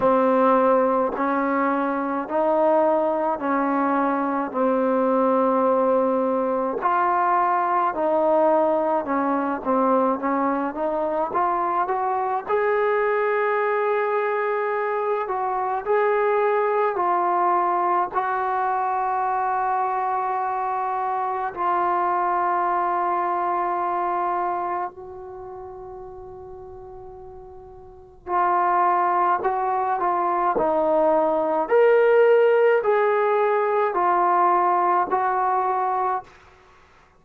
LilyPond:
\new Staff \with { instrumentName = "trombone" } { \time 4/4 \tempo 4 = 53 c'4 cis'4 dis'4 cis'4 | c'2 f'4 dis'4 | cis'8 c'8 cis'8 dis'8 f'8 fis'8 gis'4~ | gis'4. fis'8 gis'4 f'4 |
fis'2. f'4~ | f'2 fis'2~ | fis'4 f'4 fis'8 f'8 dis'4 | ais'4 gis'4 f'4 fis'4 | }